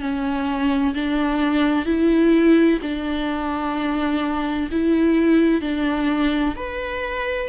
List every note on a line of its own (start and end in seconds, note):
0.00 0.94 C#4
0.94 1.85 D4
1.85 2.79 E4
2.82 4.69 D4
4.70 5.61 E4
5.61 6.55 D4
6.55 7.48 B4